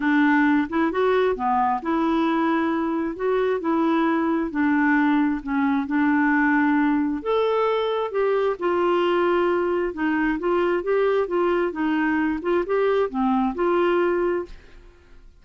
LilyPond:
\new Staff \with { instrumentName = "clarinet" } { \time 4/4 \tempo 4 = 133 d'4. e'8 fis'4 b4 | e'2. fis'4 | e'2 d'2 | cis'4 d'2. |
a'2 g'4 f'4~ | f'2 dis'4 f'4 | g'4 f'4 dis'4. f'8 | g'4 c'4 f'2 | }